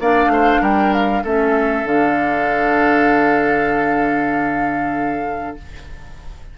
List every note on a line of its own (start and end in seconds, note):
0.00 0.26 A#3
0.00 1.24 D4
0.00 0.32 D5
0.00 0.63 F5
0.26 0.57 A3
0.32 0.61 C5
0.61 1.24 G3
0.61 1.23 A#4
0.61 0.94 G5
0.94 1.25 F5
1.24 1.85 A3
1.24 1.86 C#4
1.24 5.57 A4
1.24 1.87 E5
1.85 5.56 D3
1.85 5.58 D4
1.85 5.58 F5